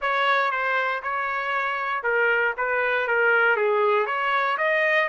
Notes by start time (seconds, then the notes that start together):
0.01 C#5
0.51 C5
1.03 C#5
2.03 A#4
2.57 B4
3.07 A#4
3.56 G#4
4.06 C#5
4.57 D#5